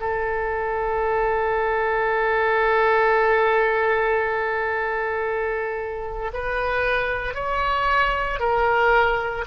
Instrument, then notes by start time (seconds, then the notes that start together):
oboe
0.00 A4
6.33 B4
7.34 C#5
8.40 A#4